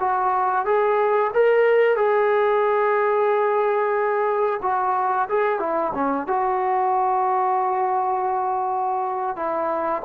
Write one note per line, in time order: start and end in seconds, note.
0.00 0.65 F#4
0.65 1.31 G#4
1.34 1.96 A#4
1.96 4.60 G#4
4.62 5.28 F#4
5.29 5.60 G#4
5.60 5.93 E4
5.94 6.27 C#4
6.27 9.36 F#4
9.36 10.02 E4